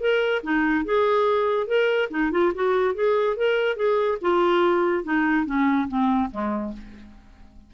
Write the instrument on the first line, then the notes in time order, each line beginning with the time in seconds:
clarinet
0.00 A#4
0.43 D#4
0.85 G#4
1.67 A#4
2.10 D#4
2.32 F4
2.55 F#4
2.94 G#4
3.37 A#4
3.76 G#4
4.21 F4
5.04 D#4
5.46 C#4
5.88 C4
6.31 G#3